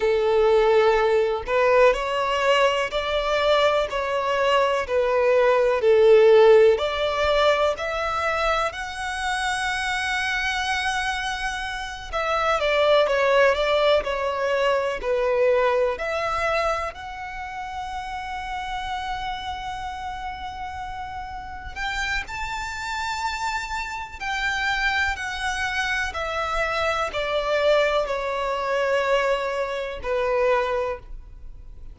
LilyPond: \new Staff \with { instrumentName = "violin" } { \time 4/4 \tempo 4 = 62 a'4. b'8 cis''4 d''4 | cis''4 b'4 a'4 d''4 | e''4 fis''2.~ | fis''8 e''8 d''8 cis''8 d''8 cis''4 b'8~ |
b'8 e''4 fis''2~ fis''8~ | fis''2~ fis''8 g''8 a''4~ | a''4 g''4 fis''4 e''4 | d''4 cis''2 b'4 | }